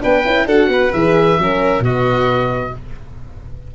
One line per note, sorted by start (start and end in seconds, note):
0.00 0.25 B3
0.00 0.23 D4
0.00 0.46 B4
0.00 0.48 G5
0.25 0.46 C#4
0.25 0.47 E4
0.46 0.68 D4
0.46 0.93 F#4
0.46 0.69 A4
0.46 0.92 F#5
0.68 0.90 B3
0.68 1.40 B4
0.92 1.38 E3
0.92 1.38 G#4
0.92 1.83 E5
1.38 1.79 F#3
1.38 1.82 C#4
1.38 1.84 A#4
1.79 2.70 B2
1.79 2.73 B3
1.79 2.74 F#4
1.79 2.75 D#5